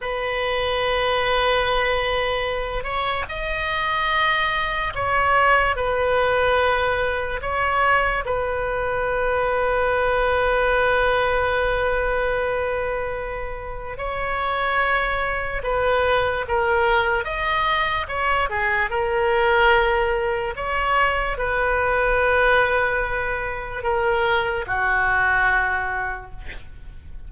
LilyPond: \new Staff \with { instrumentName = "oboe" } { \time 4/4 \tempo 4 = 73 b'2.~ b'8 cis''8 | dis''2 cis''4 b'4~ | b'4 cis''4 b'2~ | b'1~ |
b'4 cis''2 b'4 | ais'4 dis''4 cis''8 gis'8 ais'4~ | ais'4 cis''4 b'2~ | b'4 ais'4 fis'2 | }